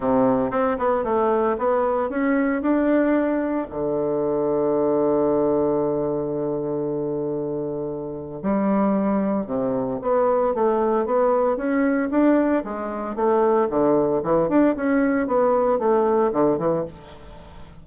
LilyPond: \new Staff \with { instrumentName = "bassoon" } { \time 4/4 \tempo 4 = 114 c4 c'8 b8 a4 b4 | cis'4 d'2 d4~ | d1~ | d1 |
g2 c4 b4 | a4 b4 cis'4 d'4 | gis4 a4 d4 e8 d'8 | cis'4 b4 a4 d8 e8 | }